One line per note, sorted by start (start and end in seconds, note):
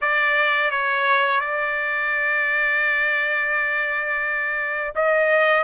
0.01 0.70 D5
0.70 1.40 C#5
1.40 4.93 D5
4.95 5.63 D#5